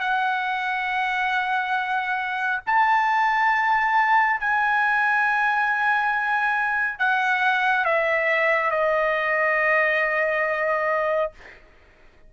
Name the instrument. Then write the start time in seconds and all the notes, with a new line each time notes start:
trumpet
0.00 F#5
2.66 A5
4.40 G#5
6.99 F#5
7.85 E5
8.70 D#5